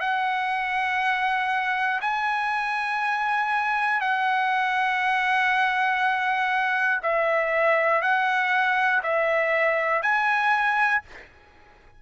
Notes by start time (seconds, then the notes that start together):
0.00 F#5
2.01 G#5
4.00 F#5
7.03 E5
8.02 F#5
9.03 E5
10.02 G#5